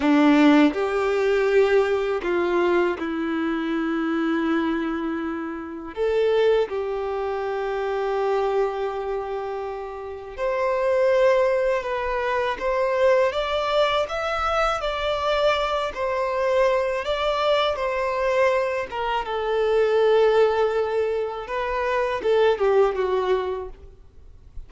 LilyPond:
\new Staff \with { instrumentName = "violin" } { \time 4/4 \tempo 4 = 81 d'4 g'2 f'4 | e'1 | a'4 g'2.~ | g'2 c''2 |
b'4 c''4 d''4 e''4 | d''4. c''4. d''4 | c''4. ais'8 a'2~ | a'4 b'4 a'8 g'8 fis'4 | }